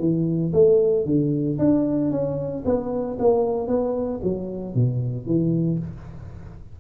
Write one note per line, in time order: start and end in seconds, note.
0.00 0.53 E3
0.54 1.06 A3
1.06 1.59 D3
1.59 2.11 D4
2.11 2.64 C#4
2.66 3.18 B3
3.20 3.68 A#3
3.68 4.21 B3
4.23 4.75 F#3
4.75 5.27 B2
5.27 5.79 E3